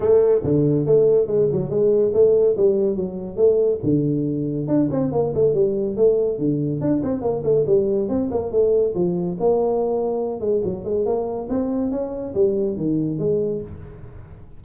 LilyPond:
\new Staff \with { instrumentName = "tuba" } { \time 4/4 \tempo 4 = 141 a4 d4 a4 gis8 fis8 | gis4 a4 g4 fis4 | a4 d2 d'8 c'8 | ais8 a8 g4 a4 d4 |
d'8 c'8 ais8 a8 g4 c'8 ais8 | a4 f4 ais2~ | ais8 gis8 fis8 gis8 ais4 c'4 | cis'4 g4 dis4 gis4 | }